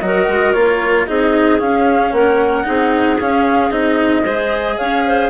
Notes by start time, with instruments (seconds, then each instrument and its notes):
0.00 bassoon F#3, cello F#4, clarinet A#4, flute D#5
0.28 bassoon G#3
0.53 bassoon A#3, cello F4, flute C#5
1.07 bassoon C4, cello D#4, clarinet G#4, flute D#5
1.59 cello C#4, bassoon C#4, flute F5
2.12 bassoon A#3, clarinet A#4, flute F#5
2.64 bassoon C4, cello D#4, clarinet G#4
3.20 cello C#4, bassoon C#4, flute F5
3.70 bassoon C4, cello D#4, flute D#5
4.22 bassoon G#3, cello G#4, clarinet C5
4.78 bassoon C#4, clarinet C#5, flute F5
5.06 clarinet C5